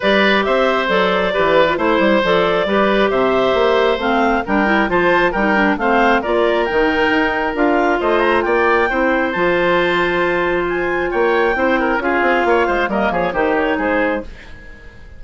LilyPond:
<<
  \new Staff \with { instrumentName = "clarinet" } { \time 4/4 \tempo 4 = 135 d''4 e''4 d''2 | c''4 d''2 e''4~ | e''4 f''4 g''4 a''4 | g''4 f''4 d''4 g''4~ |
g''4 f''4 dis''8 ais''8 g''4~ | g''4 a''2. | gis''4 g''2 f''4~ | f''4 dis''8 cis''8 c''8 cis''8 c''4 | }
  \new Staff \with { instrumentName = "oboe" } { \time 4/4 b'4 c''2 b'4 | c''2 b'4 c''4~ | c''2 ais'4 c''4 | ais'4 c''4 ais'2~ |
ais'2 c''4 d''4 | c''1~ | c''4 cis''4 c''8 ais'8 gis'4 | cis''8 c''8 ais'8 gis'8 g'4 gis'4 | }
  \new Staff \with { instrumentName = "clarinet" } { \time 4/4 g'2 a'4 g'8. f'16 | e'4 a'4 g'2~ | g'4 c'4 d'8 e'8 f'4 | dis'8 d'8 c'4 f'4 dis'4~ |
dis'4 f'2. | e'4 f'2.~ | f'2 e'4 f'4~ | f'4 ais4 dis'2 | }
  \new Staff \with { instrumentName = "bassoon" } { \time 4/4 g4 c'4 fis4 e4 | a8 g8 f4 g4 c4 | ais4 a4 g4 f4 | g4 a4 ais4 dis4 |
dis'4 d'4 a4 ais4 | c'4 f2.~ | f4 ais4 c'4 cis'8 c'8 | ais8 gis8 g8 f8 dis4 gis4 | }
>>